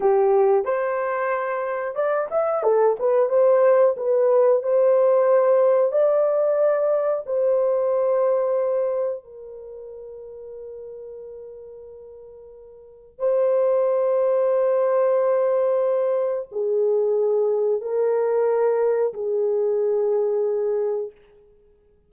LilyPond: \new Staff \with { instrumentName = "horn" } { \time 4/4 \tempo 4 = 91 g'4 c''2 d''8 e''8 | a'8 b'8 c''4 b'4 c''4~ | c''4 d''2 c''4~ | c''2 ais'2~ |
ais'1 | c''1~ | c''4 gis'2 ais'4~ | ais'4 gis'2. | }